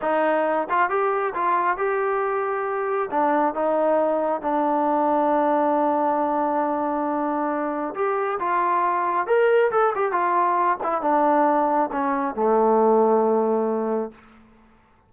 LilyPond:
\new Staff \with { instrumentName = "trombone" } { \time 4/4 \tempo 4 = 136 dis'4. f'8 g'4 f'4 | g'2. d'4 | dis'2 d'2~ | d'1~ |
d'2 g'4 f'4~ | f'4 ais'4 a'8 g'8 f'4~ | f'8 e'8 d'2 cis'4 | a1 | }